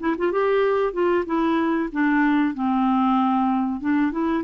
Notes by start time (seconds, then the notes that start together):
0.00 E4
0.18 F4
0.32 G4
0.93 F4
1.26 E4
1.92 D4
2.54 C4
3.81 D4
4.12 E4